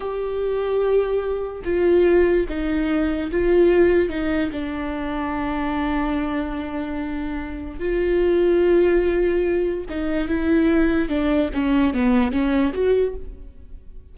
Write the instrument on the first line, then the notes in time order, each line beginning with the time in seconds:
viola
0.00 G4
1.64 F4
2.48 D#4
3.31 F4
4.09 D#4
4.51 D4
7.79 F4
9.89 D#4
10.27 E4
11.08 D4
11.53 C#4
11.93 B3
12.31 C#4
12.73 F#4